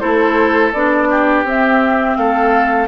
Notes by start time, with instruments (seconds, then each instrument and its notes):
0.00 bassoon A3, clarinet E4, oboe A4, flute C5
0.73 bassoon B3, clarinet D4, flute D5
1.11 oboe G4
1.44 bassoon C4, clarinet C4, flute E5
2.17 bassoon A3, oboe A4, flute F5